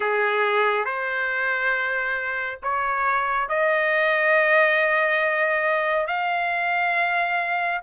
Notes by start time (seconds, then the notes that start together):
0.00 G#4
0.85 C5
2.62 C#5
3.49 D#5
6.07 F5